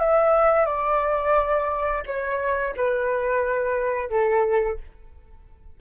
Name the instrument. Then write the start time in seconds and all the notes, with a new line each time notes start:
flute
0.00 E5
0.66 D5
2.06 C#5
2.77 B4
4.10 A4